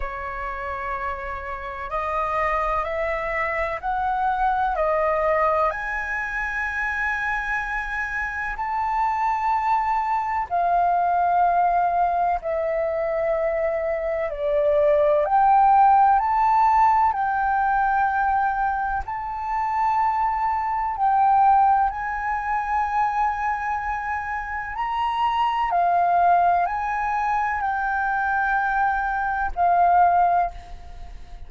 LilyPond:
\new Staff \with { instrumentName = "flute" } { \time 4/4 \tempo 4 = 63 cis''2 dis''4 e''4 | fis''4 dis''4 gis''2~ | gis''4 a''2 f''4~ | f''4 e''2 d''4 |
g''4 a''4 g''2 | a''2 g''4 gis''4~ | gis''2 ais''4 f''4 | gis''4 g''2 f''4 | }